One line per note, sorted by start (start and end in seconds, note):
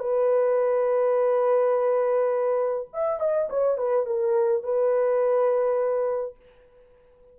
0.00 2.88 B4
2.93 3.20 E5
3.20 3.49 D#5
3.50 3.78 C#5
3.78 4.06 B4
4.06 4.63 A#4
4.63 6.36 B4